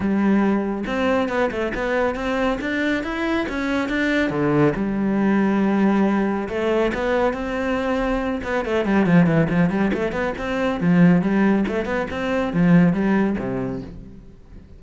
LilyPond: \new Staff \with { instrumentName = "cello" } { \time 4/4 \tempo 4 = 139 g2 c'4 b8 a8 | b4 c'4 d'4 e'4 | cis'4 d'4 d4 g4~ | g2. a4 |
b4 c'2~ c'8 b8 | a8 g8 f8 e8 f8 g8 a8 b8 | c'4 f4 g4 a8 b8 | c'4 f4 g4 c4 | }